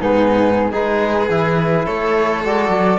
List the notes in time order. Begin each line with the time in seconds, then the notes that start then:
0.00 G#2 B3 D#4 G#4
0.71 G#3 D#4 G#4 B4
1.29 E3 E4
1.85 A3 A4 C#5
2.44 G#3 F#4 D5
2.68 F#3